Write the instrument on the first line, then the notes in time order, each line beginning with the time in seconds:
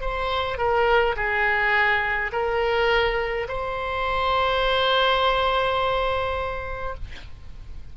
oboe
0.00 C5
0.58 A#4
1.16 G#4
2.32 A#4
3.48 C5